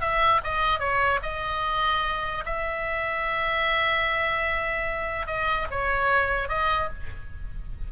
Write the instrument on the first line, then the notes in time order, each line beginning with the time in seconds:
oboe
0.00 E5
0.43 D#5
0.79 C#5
1.22 D#5
2.45 E5
5.26 D#5
5.70 C#5
6.48 D#5